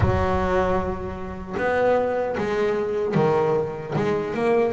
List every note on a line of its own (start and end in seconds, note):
0.00 1.55 F#3
1.57 2.36 B3
2.37 3.14 G#3
3.14 3.93 D#3
3.95 4.33 G#3
4.33 4.72 A#3